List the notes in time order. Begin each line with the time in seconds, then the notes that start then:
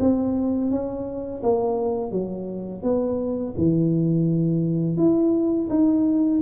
0.00 C4
0.71 C#4
1.43 A#3
2.11 F#3
2.83 B3
3.57 E3
4.97 E4
5.69 D#4